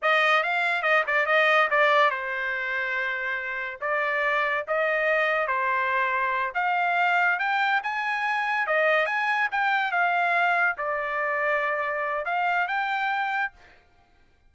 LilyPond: \new Staff \with { instrumentName = "trumpet" } { \time 4/4 \tempo 4 = 142 dis''4 f''4 dis''8 d''8 dis''4 | d''4 c''2.~ | c''4 d''2 dis''4~ | dis''4 c''2~ c''8 f''8~ |
f''4. g''4 gis''4.~ | gis''8 dis''4 gis''4 g''4 f''8~ | f''4. d''2~ d''8~ | d''4 f''4 g''2 | }